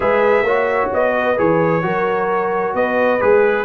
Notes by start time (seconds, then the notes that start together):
0.00 G#3 G#4 B4 E5
0.42 A#3 F#4 C#5
0.93 B3 D#5
1.18 B4
1.36 E3 G#4 C#5
1.82 F#3 F#4 A#4
2.74 B3 B4 D#5
3.20 G#3 G#4 B4